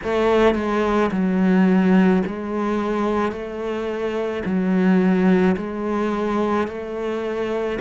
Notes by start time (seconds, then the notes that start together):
0.03 A3
0.55 G#3
1.11 F#3
2.26 G#3
3.32 A3
4.44 F#3
5.57 G#3
6.67 A3